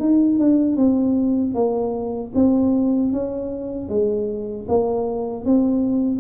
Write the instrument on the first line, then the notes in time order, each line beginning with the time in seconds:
tuba
0.00 D#4
0.39 D4
0.77 C4
1.55 A#3
2.35 C4
3.13 C#4
3.89 G#3
4.69 A#3
5.45 C4